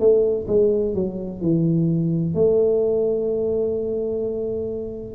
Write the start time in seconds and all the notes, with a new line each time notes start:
0.00 A3
0.48 G#3
0.95 F#3
1.41 E3
2.35 A3